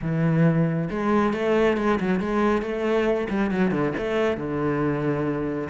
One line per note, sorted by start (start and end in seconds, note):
0.01 0.89 E3
0.90 1.33 G#3
1.33 1.77 A3
1.77 1.99 G#3
1.99 2.19 F#3
2.19 2.62 G#3
2.62 3.27 A3
3.29 3.50 G3
3.50 3.71 F#3
3.71 3.93 D3
3.97 4.37 A3
4.37 5.68 D3